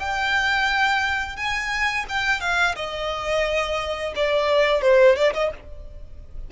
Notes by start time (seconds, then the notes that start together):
0.00 G5
1.37 G#5
2.09 G5
2.41 F5
2.76 D#5
4.16 D5
4.82 C5
5.17 D5
5.34 D#5